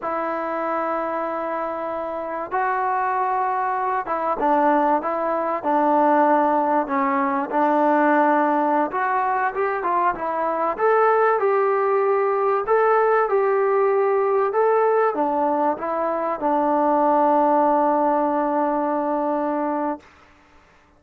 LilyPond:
\new Staff \with { instrumentName = "trombone" } { \time 4/4 \tempo 4 = 96 e'1 | fis'2~ fis'8 e'8 d'4 | e'4 d'2 cis'4 | d'2~ d'16 fis'4 g'8 f'16~ |
f'16 e'4 a'4 g'4.~ g'16~ | g'16 a'4 g'2 a'8.~ | a'16 d'4 e'4 d'4.~ d'16~ | d'1 | }